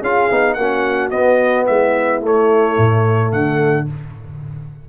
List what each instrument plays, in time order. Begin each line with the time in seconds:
0.00 tuba C#4, trombone F4, horn G#4, trumpet F5
0.31 tuba B3, trombone D#4
0.54 tuba A#3, trombone C#4, horn F#4, trumpet F#5
1.11 tuba B3, trombone B3, trumpet D#5
1.66 tuba G#3, horn E4, trumpet E5
2.21 trombone A3, tuba A3, trumpet C#5
2.77 tuba A2
3.32 tuba D3, horn A4, trumpet F#5